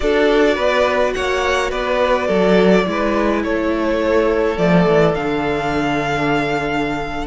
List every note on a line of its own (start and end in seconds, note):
0.00 0.57 D4
0.00 2.85 F#4
0.00 0.55 A4
0.00 1.13 D5
0.55 1.14 B3
0.55 1.12 B4
1.13 1.71 A#3
1.13 1.70 C#5
1.13 1.70 F#5
1.70 2.28 B3
1.70 2.27 B4
1.70 3.42 D5
2.27 2.85 F#3
2.27 2.84 A4
2.85 3.44 G#3
2.85 4.56 E4
2.85 3.43 B4
3.43 4.57 A3
3.43 7.27 A4
3.43 4.57 C#5
4.57 4.86 F3
4.57 5.14 A3
4.57 5.14 D5
4.87 5.15 E3
5.15 7.27 D3
5.15 7.27 D4
5.15 7.27 F5